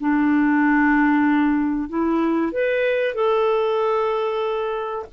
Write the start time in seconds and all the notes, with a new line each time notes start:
0.00 D4
1.89 E4
2.52 B4
3.15 A4